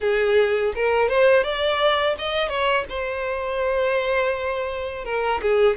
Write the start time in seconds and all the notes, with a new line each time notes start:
0.00 G#4
0.75 A#4
1.08 C5
1.43 D5
2.18 D#5
2.48 C#5
2.89 C5
5.04 A#4
5.42 G#4